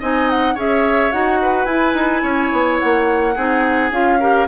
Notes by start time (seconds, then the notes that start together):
0.00 C4 D#4 D#5 G#5
0.30 F#5
0.55 C#4 G#4 C#5 E5
1.12 D#4 F#4 F#5
1.42 B4
1.65 E4 G#5
1.94 D#4
2.23 C#4 C#5
2.52 B3
2.79 A#3 F#5
3.35 C4 D#4 G#4
3.91 C#4 F4 F5
4.20 G4 A#4